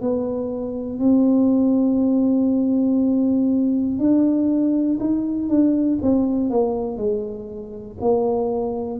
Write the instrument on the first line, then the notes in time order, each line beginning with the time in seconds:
tuba
0.00 B3
0.99 C4
3.99 D4
5.00 D#4
5.49 D4
6.02 C4
6.50 A#3
6.97 G#3
8.00 A#3